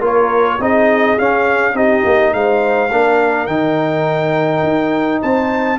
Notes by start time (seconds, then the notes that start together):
0.00 A#3 F4 A#4 C#5
0.60 C4 D#4 G#4 D#5
1.19 C#4 F5
1.74 C4 D#4 G4 D#5
2.05 A#3
2.34 G#3 C5 F5
2.91 A#3 D4 A#4
3.47 D#3 D#4 G5
4.63 D#4
5.22 C4 C5 A5